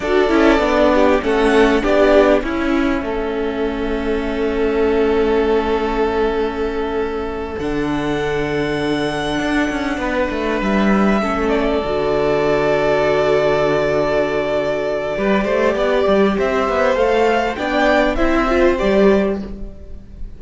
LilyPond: <<
  \new Staff \with { instrumentName = "violin" } { \time 4/4 \tempo 4 = 99 d''2 fis''4 d''4 | e''1~ | e''1~ | e''8 fis''2.~ fis''8~ |
fis''4. e''4. d''4~ | d''1~ | d''2. e''4 | f''4 g''4 e''4 d''4 | }
  \new Staff \with { instrumentName = "violin" } { \time 4/4 a'4. g'8 a'4 g'4 | e'4 a'2.~ | a'1~ | a'1~ |
a'8 b'2 a'4.~ | a'1~ | a'4 b'8 c''8 d''4 c''4~ | c''4 d''4 c''2 | }
  \new Staff \with { instrumentName = "viola" } { \time 4/4 fis'8 e'8 d'4 cis'4 d'4 | cis'1~ | cis'1~ | cis'8 d'2.~ d'8~ |
d'2~ d'8 cis'4 fis'8~ | fis'1~ | fis'4 g'2. | a'4 d'4 e'8 f'8 g'4 | }
  \new Staff \with { instrumentName = "cello" } { \time 4/4 d'8 cis'8 b4 a4 b4 | cis'4 a2.~ | a1~ | a8 d2. d'8 |
cis'8 b8 a8 g4 a4 d8~ | d1~ | d4 g8 a8 b8 g8 c'8 b8 | a4 b4 c'4 g4 | }
>>